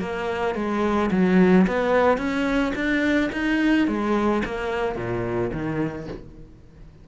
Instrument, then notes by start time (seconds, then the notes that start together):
cello
0.00 A#3
0.55 G#3
1.11 F#3
1.67 B3
2.18 C#4
2.75 D4
3.33 D#4
3.88 G#3
4.45 A#3
4.96 A#2
5.52 D#3